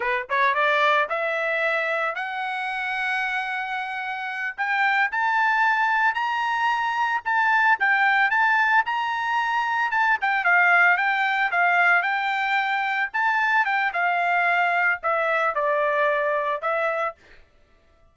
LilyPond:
\new Staff \with { instrumentName = "trumpet" } { \time 4/4 \tempo 4 = 112 b'8 cis''8 d''4 e''2 | fis''1~ | fis''8 g''4 a''2 ais''8~ | ais''4. a''4 g''4 a''8~ |
a''8 ais''2 a''8 g''8 f''8~ | f''8 g''4 f''4 g''4.~ | g''8 a''4 g''8 f''2 | e''4 d''2 e''4 | }